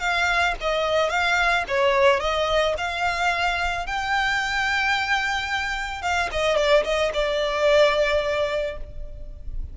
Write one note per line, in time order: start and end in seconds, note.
0.00 0.55 F5
0.61 1.10 D#5
1.10 1.64 F5
1.68 2.20 C#5
2.20 2.75 D#5
2.78 3.87 F5
3.87 6.02 G5
6.02 6.30 F5
6.32 6.57 D#5
6.57 6.84 D5
6.85 7.12 D#5
7.14 8.77 D5